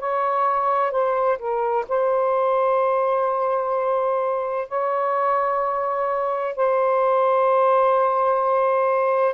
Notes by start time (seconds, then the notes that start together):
0.00 C#5
0.92 C5
1.39 A#4
1.89 C5
4.69 C#5
6.56 C5